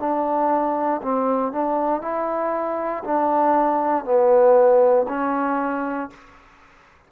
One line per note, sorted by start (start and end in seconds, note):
0.00 1.02 D4
1.03 1.53 C4
1.53 2.02 D4
2.02 3.04 E4
3.05 4.05 D4
4.05 5.07 B3
5.09 6.11 C#4